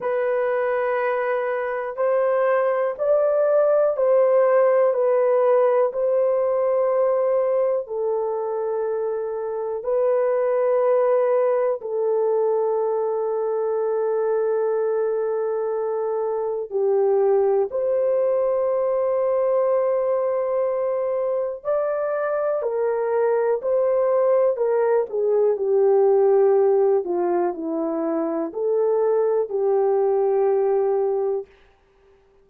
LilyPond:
\new Staff \with { instrumentName = "horn" } { \time 4/4 \tempo 4 = 61 b'2 c''4 d''4 | c''4 b'4 c''2 | a'2 b'2 | a'1~ |
a'4 g'4 c''2~ | c''2 d''4 ais'4 | c''4 ais'8 gis'8 g'4. f'8 | e'4 a'4 g'2 | }